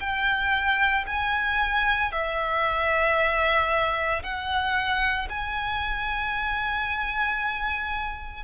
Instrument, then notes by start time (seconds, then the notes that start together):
violin
0.00 G5
1.07 G#5
2.12 E5
4.23 F#5
5.30 G#5